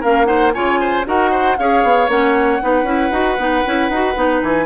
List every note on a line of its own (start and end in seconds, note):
0.00 0.55 A#3
0.00 0.25 C#4
0.00 0.26 A#4
0.00 0.25 F5
0.25 0.51 D#4
0.25 0.53 C5
0.25 0.51 F#5
0.53 1.06 C#3
0.53 1.05 F4
0.53 0.80 C#5
0.53 1.05 G#5
0.80 1.06 C5
1.05 1.57 D#4
1.05 1.56 F#4
1.05 1.31 A#4
1.05 1.57 F#5
1.31 1.56 C5
1.57 1.83 C#4
1.57 2.08 G#4
1.57 2.62 C#5
1.57 2.09 F5
1.83 2.08 B3
2.08 2.59 A#3
2.08 2.60 C#4
2.08 4.42 F#5
2.61 2.83 B3
2.61 2.85 D#4
2.61 4.66 B4
2.83 3.09 C#4
2.83 3.11 E4
3.11 3.37 D#4
3.11 3.37 F#4
3.37 3.63 B3
3.37 3.64 D#4
3.65 3.89 C#4
3.65 3.91 E4
3.89 4.15 D#4
3.89 4.14 F#4
4.14 4.41 B3
4.14 4.66 D#4
4.42 4.66 E3
4.42 4.66 G#5